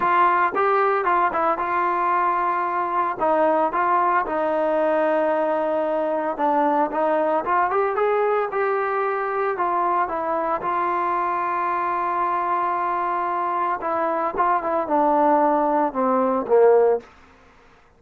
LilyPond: \new Staff \with { instrumentName = "trombone" } { \time 4/4 \tempo 4 = 113 f'4 g'4 f'8 e'8 f'4~ | f'2 dis'4 f'4 | dis'1 | d'4 dis'4 f'8 g'8 gis'4 |
g'2 f'4 e'4 | f'1~ | f'2 e'4 f'8 e'8 | d'2 c'4 ais4 | }